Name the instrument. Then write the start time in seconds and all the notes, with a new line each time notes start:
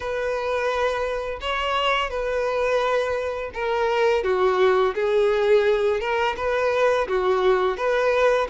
violin
0.00 B4
1.41 C#5
2.10 B4
3.54 A#4
4.24 F#4
4.94 G#4
6.00 A#4
6.37 B4
7.08 F#4
7.77 B4